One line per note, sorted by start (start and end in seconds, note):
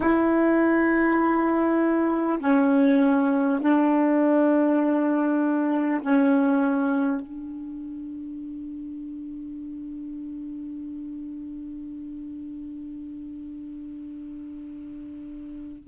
0.00 2.38 E4
2.39 3.59 C#4
3.61 6.01 D4
6.01 7.21 C#4
7.21 15.87 D4